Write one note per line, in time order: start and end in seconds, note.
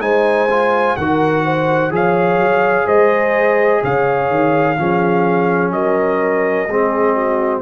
0.00 0.95 G#3
0.00 0.48 D#4
0.00 0.98 C5
0.00 0.96 G#5
0.50 0.98 F4
0.97 1.91 D#3
0.97 1.91 F#4
0.97 1.45 A#4
0.97 1.92 F#5
1.45 1.92 C5
1.91 2.38 F3
1.91 4.76 G#4
1.91 2.86 C#5
1.91 2.87 F5
2.38 2.86 F#3
2.86 3.83 G#3
2.86 3.82 C5
2.86 3.83 D#5
3.82 4.30 C#3
3.82 4.78 C#5
3.82 5.72 F5
4.30 4.78 D#3
4.78 5.72 F3
4.78 6.69 C#4
4.78 5.73 G#4
5.72 6.67 F#3
5.72 6.69 A#4
5.72 7.62 D#5
6.67 7.62 G#3
6.67 7.62 C4
6.67 7.14 G#4
7.14 7.62 F#4